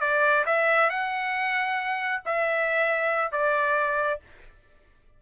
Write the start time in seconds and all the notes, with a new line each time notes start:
0.00 D5
0.46 E5
0.89 F#5
2.25 E5
3.31 D5